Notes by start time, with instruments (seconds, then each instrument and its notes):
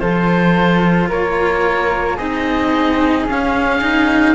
0.00 cello F3 F4, flute A4, oboe C5
1.09 cello A#3, flute A#4, oboe C#5
2.16 cello C4 D#4, flute G#4, oboe D#5
3.26 cello C#4, oboe F5
3.81 cello D#4